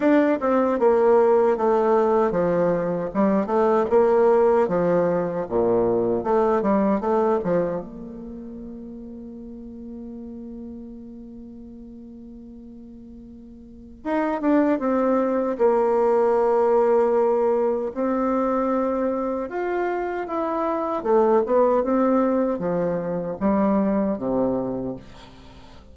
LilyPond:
\new Staff \with { instrumentName = "bassoon" } { \time 4/4 \tempo 4 = 77 d'8 c'8 ais4 a4 f4 | g8 a8 ais4 f4 ais,4 | a8 g8 a8 f8 ais2~ | ais1~ |
ais2 dis'8 d'8 c'4 | ais2. c'4~ | c'4 f'4 e'4 a8 b8 | c'4 f4 g4 c4 | }